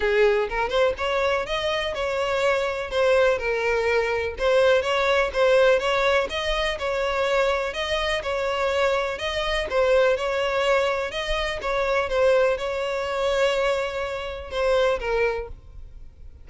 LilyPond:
\new Staff \with { instrumentName = "violin" } { \time 4/4 \tempo 4 = 124 gis'4 ais'8 c''8 cis''4 dis''4 | cis''2 c''4 ais'4~ | ais'4 c''4 cis''4 c''4 | cis''4 dis''4 cis''2 |
dis''4 cis''2 dis''4 | c''4 cis''2 dis''4 | cis''4 c''4 cis''2~ | cis''2 c''4 ais'4 | }